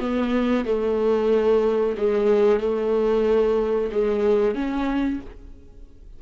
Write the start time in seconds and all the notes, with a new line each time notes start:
0.00 B3
0.66 A3
1.97 G#3
2.60 A3
3.92 G#3
4.55 C#4